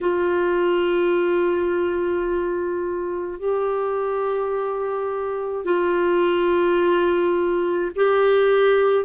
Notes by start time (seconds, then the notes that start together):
0.00 F4
3.39 G4
5.64 F4
7.95 G4